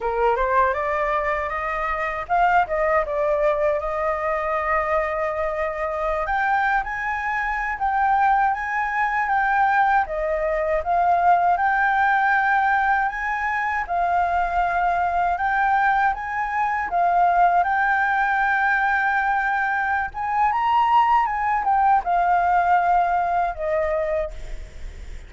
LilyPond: \new Staff \with { instrumentName = "flute" } { \time 4/4 \tempo 4 = 79 ais'8 c''8 d''4 dis''4 f''8 dis''8 | d''4 dis''2.~ | dis''16 g''8. gis''4~ gis''16 g''4 gis''8.~ | gis''16 g''4 dis''4 f''4 g''8.~ |
g''4~ g''16 gis''4 f''4.~ f''16~ | f''16 g''4 gis''4 f''4 g''8.~ | g''2~ g''8 gis''8 ais''4 | gis''8 g''8 f''2 dis''4 | }